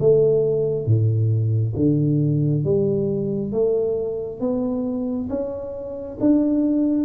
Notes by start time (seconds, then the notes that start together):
0.00 A3
0.86 A2
1.76 D3
2.64 G3
3.52 A3
4.40 B3
5.29 C#4
6.20 D4